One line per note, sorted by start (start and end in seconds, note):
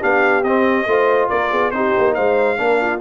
0.00 0.43 B3
0.00 0.44 D4
0.00 0.86 G4
0.00 0.44 F5
0.43 0.86 C4
0.43 0.88 C4
0.43 1.29 D#5
0.86 1.29 A3
0.86 1.73 F4
0.86 1.29 C5
1.29 1.52 A#3
1.29 1.51 A#4
1.29 1.71 D5
1.51 1.72 B3
1.51 1.72 G#4
1.71 1.93 C4
1.71 2.57 D#4
1.71 2.15 G4
1.71 2.14 C5
1.98 2.17 A#3
2.14 2.58 G#3
2.14 2.58 C5
2.14 3.00 F5
2.57 3.00 A#3
2.57 2.99 D4
2.57 2.81 A#4
2.81 3.00 F4